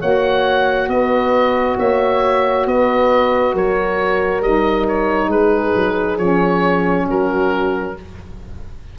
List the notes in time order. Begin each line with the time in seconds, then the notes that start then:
0.00 A#3 F#4 C#5 F#5
0.88 B3 B4 D#5
1.79 A#3 C#5 E5
2.66 B3 B4 D#5
3.54 F#3 A#4 C#5
4.41 G3 D#4 D#5
4.88 C#5
5.28 G#3 G#4 B4
5.76 F#3
6.18 F3 C#4 C#5
7.06 F#3 F#4 A#4